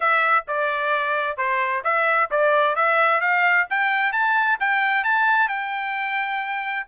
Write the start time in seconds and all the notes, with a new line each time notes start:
0.00 E5
0.47 D5
1.37 C5
1.84 E5
2.30 D5
2.75 E5
3.20 F5
3.70 G5
4.12 A5
4.60 G5
5.04 A5
5.48 G5